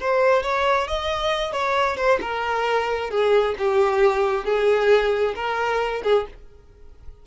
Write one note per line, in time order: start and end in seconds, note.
0.00 0.43 C5
0.43 0.88 C#5
0.88 1.52 D#5
1.52 1.97 C#5
1.97 2.19 C5
2.21 3.11 A#4
3.11 3.55 G#4
3.58 4.45 G4
4.45 5.34 G#4
5.35 6.02 A#4
6.04 6.26 G#4